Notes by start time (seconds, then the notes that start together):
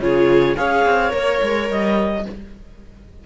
0.00 C#3 F4 G#4 C#5
0.56 C#4 G#4 C#5 F5
0.85 C4
1.09 A#3 A#4 C#5
1.42 G#3
1.70 G3 D#5